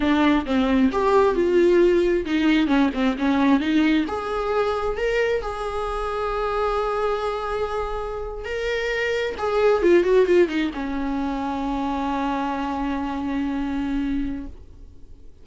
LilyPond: \new Staff \with { instrumentName = "viola" } { \time 4/4 \tempo 4 = 133 d'4 c'4 g'4 f'4~ | f'4 dis'4 cis'8 c'8 cis'4 | dis'4 gis'2 ais'4 | gis'1~ |
gis'2~ gis'8. ais'4~ ais'16~ | ais'8. gis'4 f'8 fis'8 f'8 dis'8 cis'16~ | cis'1~ | cis'1 | }